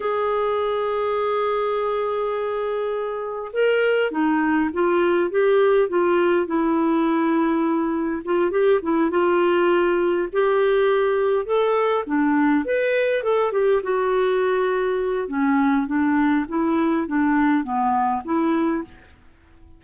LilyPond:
\new Staff \with { instrumentName = "clarinet" } { \time 4/4 \tempo 4 = 102 gis'1~ | gis'2 ais'4 dis'4 | f'4 g'4 f'4 e'4~ | e'2 f'8 g'8 e'8 f'8~ |
f'4. g'2 a'8~ | a'8 d'4 b'4 a'8 g'8 fis'8~ | fis'2 cis'4 d'4 | e'4 d'4 b4 e'4 | }